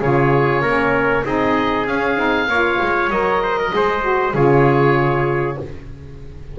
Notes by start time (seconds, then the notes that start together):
0.00 C#3 F4 G#4 C#5
0.62 A#3 C#4 A#4
1.25 C4 D#4 G#4 D#5
1.86 C#4 F5
2.16 C4 D#4
2.48 A#3 F4 C#5
2.82 G#3
3.10 F#3 A#4 D#5
3.43 C5
3.59 A#4
3.71 G#3 G#4 C5
4.02 F#4
4.34 C#3 F4 G#4 C#5